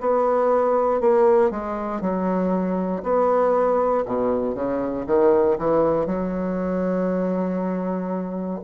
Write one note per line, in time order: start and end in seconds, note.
0.00 1.00 B3
1.00 1.50 A#3
1.50 2.01 G#3
2.01 3.02 F#3
3.03 4.04 B3
4.05 4.54 B2
4.54 5.05 C#3
5.06 5.57 D#3
5.58 6.06 E3
6.06 8.60 F#3